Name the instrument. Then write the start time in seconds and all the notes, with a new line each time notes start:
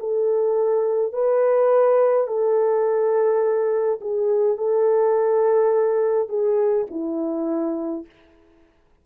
horn
0.00 A4
1.13 B4
2.28 A4
4.01 G#4
4.58 A4
6.29 G#4
6.91 E4